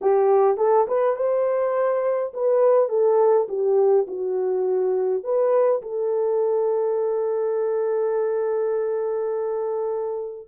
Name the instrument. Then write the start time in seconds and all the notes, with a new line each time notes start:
horn
0.01 G4
0.57 A4
0.87 B4
1.16 C5
2.33 B4
2.89 A4
3.48 G4
4.07 F#4
5.23 B4
5.82 A4